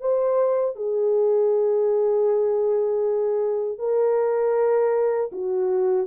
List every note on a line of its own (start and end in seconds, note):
0.00 0.75 C5
0.75 3.78 G#4
3.78 5.30 A#4
5.32 6.07 F#4